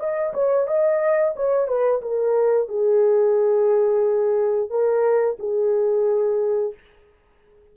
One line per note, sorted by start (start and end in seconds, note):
0.00 0.34 D#5
0.34 0.67 C#5
0.67 1.35 D#5
1.36 1.68 C#5
1.68 2.02 B4
2.02 2.69 A#4
2.69 4.70 G#4
4.70 5.38 A#4
5.40 6.74 G#4